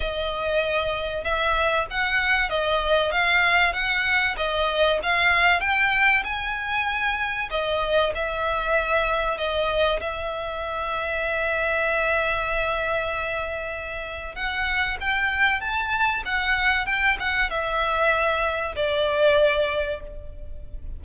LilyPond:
\new Staff \with { instrumentName = "violin" } { \time 4/4 \tempo 4 = 96 dis''2 e''4 fis''4 | dis''4 f''4 fis''4 dis''4 | f''4 g''4 gis''2 | dis''4 e''2 dis''4 |
e''1~ | e''2. fis''4 | g''4 a''4 fis''4 g''8 fis''8 | e''2 d''2 | }